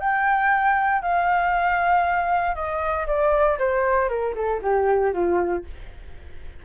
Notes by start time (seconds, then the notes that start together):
0.00 G5
1.03 F5
2.55 D#5
3.07 D5
3.59 C5
4.09 A#4
4.35 A4
4.62 G4
5.14 F4